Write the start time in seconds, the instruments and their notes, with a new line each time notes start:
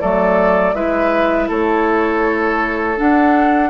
0.00 bassoon F#3, clarinet A3, oboe A4, flute D5
0.73 bassoon G#3, clarinet E4, oboe B4, flute E5
1.48 bassoon A3, oboe A4, flute C#5
2.96 clarinet D4, bassoon D4, flute F#5